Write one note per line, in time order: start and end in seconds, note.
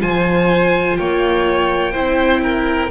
0.00 0.99 F3
0.00 1.94 F4
0.00 0.98 C5
0.00 0.96 G#5
0.96 1.96 A#3
0.96 1.92 C#5
0.96 2.90 G5
1.92 2.91 C4
1.92 2.91 E4
1.92 2.41 C5
2.43 2.91 A#4